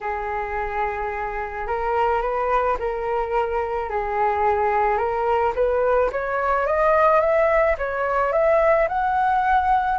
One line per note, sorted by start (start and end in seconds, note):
0.00 1.67 G#4
1.67 2.21 A#4
2.21 2.77 B4
2.79 3.89 A#4
3.89 4.97 G#4
4.97 5.53 A#4
5.55 6.10 B4
6.12 6.66 C#5
6.66 7.20 D#5
7.20 7.76 E5
7.78 8.32 C#5
8.32 8.88 E5
8.88 9.98 F#5